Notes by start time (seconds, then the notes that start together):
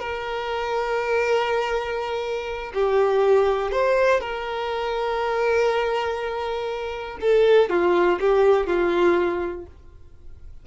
0.00 A#4
2.75 G4
3.72 C5
4.21 A#4
7.21 A4
7.70 F4
8.20 G4
8.67 F4